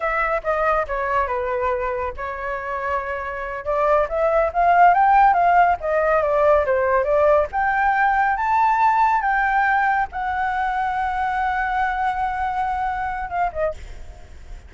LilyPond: \new Staff \with { instrumentName = "flute" } { \time 4/4 \tempo 4 = 140 e''4 dis''4 cis''4 b'4~ | b'4 cis''2.~ | cis''8 d''4 e''4 f''4 g''8~ | g''8 f''4 dis''4 d''4 c''8~ |
c''8 d''4 g''2 a''8~ | a''4. g''2 fis''8~ | fis''1~ | fis''2. f''8 dis''8 | }